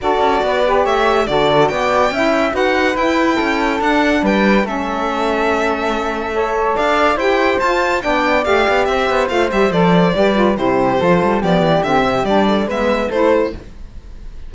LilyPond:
<<
  \new Staff \with { instrumentName = "violin" } { \time 4/4 \tempo 4 = 142 d''2 e''4 d''4 | g''2 fis''4 g''4~ | g''4 fis''4 g''4 e''4~ | e''1 |
f''4 g''4 a''4 g''4 | f''4 e''4 f''8 e''8 d''4~ | d''4 c''2 d''4 | e''4 d''4 e''4 c''4 | }
  \new Staff \with { instrumentName = "flute" } { \time 4/4 a'4 b'4 cis''4 a'4 | d''4 e''4 b'2 | a'2 b'4 a'4~ | a'2. cis''4 |
d''4 c''2 d''4~ | d''4 c''2. | b'4 g'4 a'4 g'4~ | g'4. a'8 b'4 a'4 | }
  \new Staff \with { instrumentName = "saxophone" } { \time 4/4 fis'4. g'4. fis'4~ | fis'4 e'4 fis'4 e'4~ | e'4 d'2 cis'4~ | cis'2. a'4~ |
a'4 g'4 f'4 d'4 | g'2 f'8 g'8 a'4 | g'8 f'8 e'4 f'4 b4 | c'4 d'4 b4 e'4 | }
  \new Staff \with { instrumentName = "cello" } { \time 4/4 d'8 cis'8 b4 a4 d4 | b4 cis'4 dis'4 e'4 | cis'4 d'4 g4 a4~ | a1 |
d'4 e'4 f'4 b4 | a8 b8 c'8 b8 a8 g8 f4 | g4 c4 f8 g8 f8 e8 | d8 c8 g4 gis4 a4 | }
>>